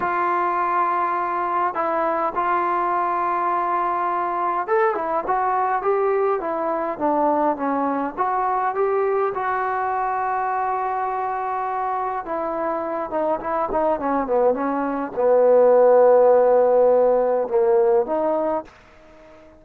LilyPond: \new Staff \with { instrumentName = "trombone" } { \time 4/4 \tempo 4 = 103 f'2. e'4 | f'1 | a'8 e'8 fis'4 g'4 e'4 | d'4 cis'4 fis'4 g'4 |
fis'1~ | fis'4 e'4. dis'8 e'8 dis'8 | cis'8 b8 cis'4 b2~ | b2 ais4 dis'4 | }